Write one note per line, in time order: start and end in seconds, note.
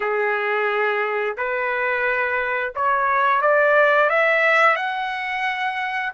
0.00 1.36 G#4
1.37 2.73 B4
2.75 3.41 C#5
3.41 4.09 D5
4.09 4.76 E5
4.76 6.12 F#5